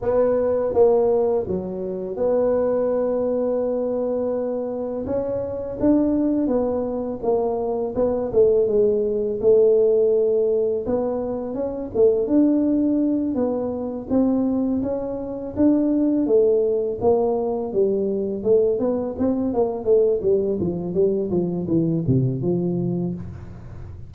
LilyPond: \new Staff \with { instrumentName = "tuba" } { \time 4/4 \tempo 4 = 83 b4 ais4 fis4 b4~ | b2. cis'4 | d'4 b4 ais4 b8 a8 | gis4 a2 b4 |
cis'8 a8 d'4. b4 c'8~ | c'8 cis'4 d'4 a4 ais8~ | ais8 g4 a8 b8 c'8 ais8 a8 | g8 f8 g8 f8 e8 c8 f4 | }